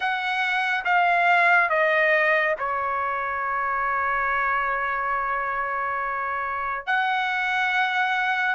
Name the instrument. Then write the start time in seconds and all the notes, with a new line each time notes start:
trumpet
0.00 F#5
0.85 F5
1.69 D#5
2.58 C#5
6.86 F#5